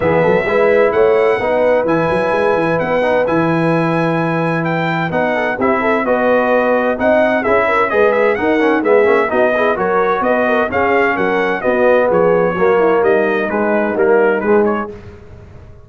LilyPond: <<
  \new Staff \with { instrumentName = "trumpet" } { \time 4/4 \tempo 4 = 129 e''2 fis''2 | gis''2 fis''4 gis''4~ | gis''2 g''4 fis''4 | e''4 dis''2 fis''4 |
e''4 dis''8 e''8 fis''4 e''4 | dis''4 cis''4 dis''4 f''4 | fis''4 dis''4 cis''2 | dis''4 b'4 ais'4 b'8 cis''8 | }
  \new Staff \with { instrumentName = "horn" } { \time 4/4 gis'8 a'8 b'4 cis''4 b'4~ | b'1~ | b'2.~ b'8 a'8 | g'8 a'8 b'2 dis''4 |
gis'8 ais'8 b'4 ais'4 gis'4 | fis'8 gis'8 ais'4 b'8 ais'8 gis'4 | ais'4 fis'4 gis'4 fis'8 e'8 | dis'1 | }
  \new Staff \with { instrumentName = "trombone" } { \time 4/4 b4 e'2 dis'4 | e'2~ e'8 dis'8 e'4~ | e'2. dis'4 | e'4 fis'2 dis'4 |
e'4 gis'4 dis'8 cis'8 b8 cis'8 | dis'8 e'8 fis'2 cis'4~ | cis'4 b2 ais4~ | ais4 gis4 ais4 gis4 | }
  \new Staff \with { instrumentName = "tuba" } { \time 4/4 e8 fis8 gis4 a4 b4 | e8 fis8 gis8 e8 b4 e4~ | e2. b4 | c'4 b2 c'4 |
cis'4 gis4 dis'4 gis8 ais8 | b4 fis4 b4 cis'4 | fis4 b4 f4 fis4 | g4 gis4 g4 gis4 | }
>>